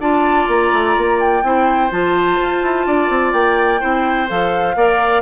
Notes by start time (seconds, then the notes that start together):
0.00 D4 F4 D5 A5
0.48 A#3 A#5
0.73 A3
0.98 A#3
1.20 G5
1.43 C4 E4 C5
1.91 F3 F4 A5
2.40 F4
2.63 E4
2.87 D4 D5
3.10 C4
3.33 A#3 G5
3.81 C4 E4 C5
4.28 F3 A4 F5
4.76 A#3 A#4 D5